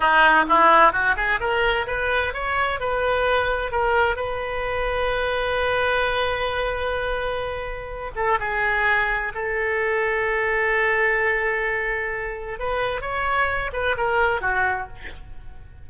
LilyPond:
\new Staff \with { instrumentName = "oboe" } { \time 4/4 \tempo 4 = 129 dis'4 e'4 fis'8 gis'8 ais'4 | b'4 cis''4 b'2 | ais'4 b'2.~ | b'1~ |
b'4. a'8 gis'2 | a'1~ | a'2. b'4 | cis''4. b'8 ais'4 fis'4 | }